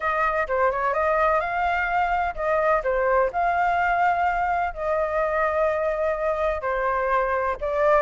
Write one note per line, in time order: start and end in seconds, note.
0.00 0.47 D#5
0.47 0.71 C5
0.71 0.93 C#5
0.93 1.40 D#5
1.40 2.35 F5
2.35 2.82 D#5
2.83 3.30 C5
3.32 4.74 F5
4.74 6.61 D#5
6.61 7.56 C5
7.60 8.01 D5